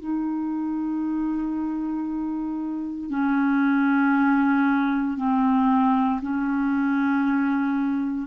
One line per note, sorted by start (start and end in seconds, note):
0.00 3.10 D#4
3.10 5.17 C#4
5.17 6.21 C4
6.22 8.28 C#4